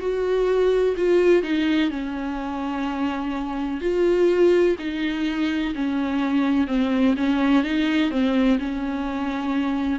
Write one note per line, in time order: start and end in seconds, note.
0.00 0.95 F#4
0.97 1.43 F4
1.43 1.90 D#4
1.91 3.81 C#4
3.81 4.77 F4
4.79 5.74 D#4
5.75 6.68 C#4
6.68 7.15 C4
7.17 7.64 C#4
7.64 8.11 D#4
8.11 8.59 C4
8.60 10.00 C#4